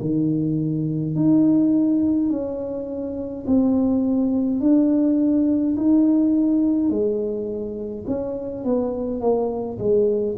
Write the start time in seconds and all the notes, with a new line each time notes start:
0.00 D#3
1.15 D#4
2.29 C#4
3.46 C4
4.60 D4
5.76 D#4
6.89 G#3
8.07 C#4
8.64 B3
9.20 A#3
9.78 G#3